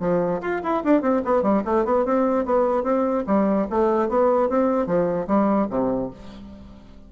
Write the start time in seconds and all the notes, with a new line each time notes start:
0.00 F3
0.41 F4
0.63 E4
0.84 D4
1.02 C4
1.25 B3
1.42 G3
1.65 A3
1.85 B3
2.05 C4
2.45 B3
2.83 C4
3.27 G3
3.70 A3
4.09 B3
4.49 C4
4.86 F3
5.27 G3
5.70 C3